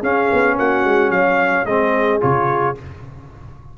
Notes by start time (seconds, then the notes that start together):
0.00 C#4 G#4 F5
0.32 B3
0.58 A#3 F#4 F#5
0.84 G#3
1.10 F#3 C#5 F5
1.65 G#3 C4 G#4 D#5
2.20 C#3 F4 C#5